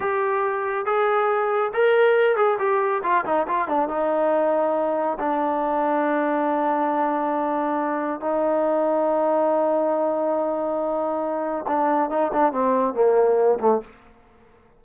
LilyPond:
\new Staff \with { instrumentName = "trombone" } { \time 4/4 \tempo 4 = 139 g'2 gis'2 | ais'4. gis'8 g'4 f'8 dis'8 | f'8 d'8 dis'2. | d'1~ |
d'2. dis'4~ | dis'1~ | dis'2. d'4 | dis'8 d'8 c'4 ais4. a8 | }